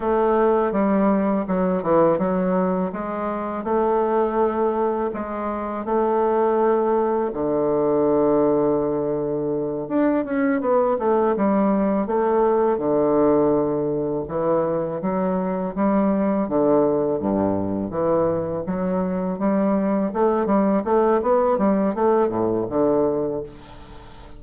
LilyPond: \new Staff \with { instrumentName = "bassoon" } { \time 4/4 \tempo 4 = 82 a4 g4 fis8 e8 fis4 | gis4 a2 gis4 | a2 d2~ | d4. d'8 cis'8 b8 a8 g8~ |
g8 a4 d2 e8~ | e8 fis4 g4 d4 g,8~ | g,8 e4 fis4 g4 a8 | g8 a8 b8 g8 a8 a,8 d4 | }